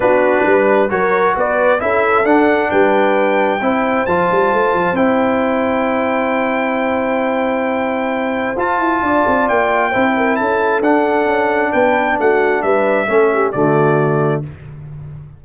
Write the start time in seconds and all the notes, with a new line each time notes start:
0.00 B3 D4 F#4 B4
0.45 G3 B4
0.89 F#3 F#4 A#4 C#5
1.36 B3 B4 D5
1.79 C#4 E4 A4 E5
2.24 D4 F#5
2.70 G3 B4 G5
3.61 C4 E4 C5
4.06 F3 F4 A5
4.31 G3
4.53 A3
4.73 F3
4.92 C4 E4 G5
8.56 F4 A5
8.79 E4
9.02 D4 D5
9.26 C4
9.48 A#3 G5
9.90 C4 E4 C5
10.16 A#4
10.36 C#4 A4 A5
10.81 D4 F#5
11.25 C#4
11.71 B3 B4 G5
12.19 A3 F#4 F#5
12.62 G3 B4 E5
13.07 A3 C#4 A4
13.33 G4
13.51 D3 A3 F#4 D5